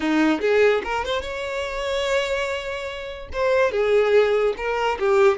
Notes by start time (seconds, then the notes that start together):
0.00 D#4
0.40 G#4
0.84 A#4
1.04 C5
1.21 C#5
3.33 C5
3.71 G#4
4.57 A#4
4.99 G4